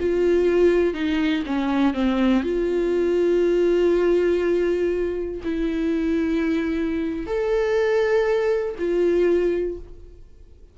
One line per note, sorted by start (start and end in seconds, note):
0.00 0.94 F4
0.94 1.43 D#4
1.46 1.94 C#4
1.94 2.43 C4
2.43 5.41 F4
5.44 7.27 E4
7.27 8.76 A4
8.79 9.78 F4